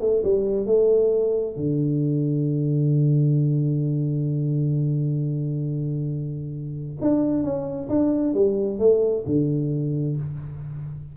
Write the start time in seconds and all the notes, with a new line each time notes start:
0.00 A3
0.24 G3
0.66 A3
1.56 D3
7.01 D4
7.43 C#4
7.89 D4
8.34 G3
8.79 A3
9.26 D3